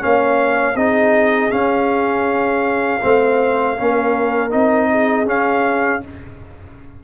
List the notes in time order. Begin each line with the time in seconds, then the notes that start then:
0.00 A#3 C#4 C#5 F5
0.75 C4 D#4 G#4 D#5
1.51 C#4 F5
3.01 A3 C4 C5
3.78 A#3 C#4 A#4
4.50 C4 D#4 D#5
4.91 G#4
5.26 C#4 F5